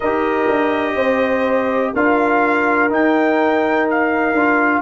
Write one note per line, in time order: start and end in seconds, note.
0.00 0.48 D#4
0.00 1.95 G4
0.00 0.94 A#4
0.00 1.93 D#5
0.48 0.96 D4
0.95 1.93 C4
0.95 1.92 C5
1.94 2.90 D4
1.94 2.89 F4
1.94 4.81 A#4
1.94 2.92 F5
2.89 4.34 D#4
2.89 4.32 D#4
2.89 3.89 G5
3.90 4.81 F5
4.32 4.80 D4
4.32 4.81 F4